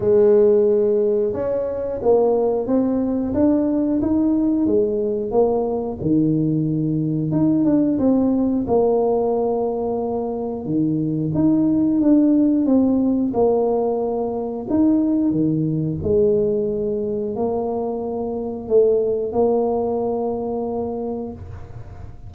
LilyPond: \new Staff \with { instrumentName = "tuba" } { \time 4/4 \tempo 4 = 90 gis2 cis'4 ais4 | c'4 d'4 dis'4 gis4 | ais4 dis2 dis'8 d'8 | c'4 ais2. |
dis4 dis'4 d'4 c'4 | ais2 dis'4 dis4 | gis2 ais2 | a4 ais2. | }